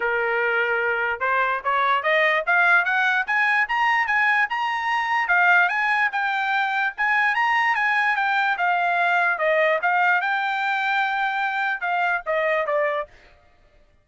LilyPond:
\new Staff \with { instrumentName = "trumpet" } { \time 4/4 \tempo 4 = 147 ais'2. c''4 | cis''4 dis''4 f''4 fis''4 | gis''4 ais''4 gis''4 ais''4~ | ais''4 f''4 gis''4 g''4~ |
g''4 gis''4 ais''4 gis''4 | g''4 f''2 dis''4 | f''4 g''2.~ | g''4 f''4 dis''4 d''4 | }